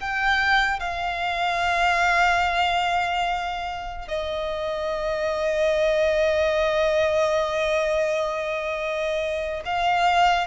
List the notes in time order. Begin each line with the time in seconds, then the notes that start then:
0.00 G5
0.79 F5
4.08 D#5
9.65 F5